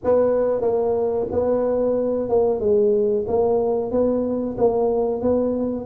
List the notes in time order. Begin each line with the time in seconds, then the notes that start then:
0.04 B3
0.61 A#3
1.31 B3
2.29 A#3
2.59 G#3
3.27 A#3
3.91 B3
4.57 A#3
5.21 B3